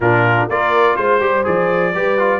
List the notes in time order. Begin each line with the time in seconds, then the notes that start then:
0.00 A#2 D4 F4 A#4
0.48 A#3 F4 A#4 D5
0.96 G#3 C5
1.20 G3 G4
1.44 F3 G#4 D5
1.94 G3 G4 B4
2.18 F4